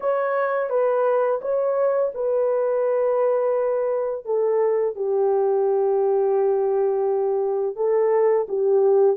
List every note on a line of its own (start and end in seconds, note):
0.00 0.69 C#5
0.69 1.40 B4
1.41 2.12 C#5
2.14 4.25 B4
4.25 4.95 A4
4.95 7.76 G4
7.76 8.46 A4
8.48 9.16 G4